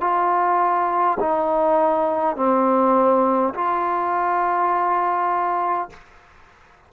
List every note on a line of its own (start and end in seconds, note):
0.00 1.18 F4
1.19 2.36 D#4
2.36 3.53 C4
3.54 5.89 F4